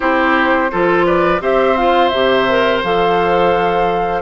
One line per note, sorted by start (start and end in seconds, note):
0.00 0.71 C4
0.00 0.70 E4
0.00 0.71 G4
0.00 1.06 C5
0.71 1.40 F3
0.71 1.40 F4
0.71 1.06 A4
1.06 1.41 B4
1.06 1.41 D5
1.40 2.11 C4
1.40 1.75 G4
1.40 4.22 C5
1.40 1.77 E5
1.77 2.12 F4
1.77 2.08 F5
2.08 2.83 C3
2.08 2.48 G4
2.08 2.79 E5
2.49 2.84 A#4
2.83 4.22 F3
2.83 4.22 A4
2.83 4.22 F5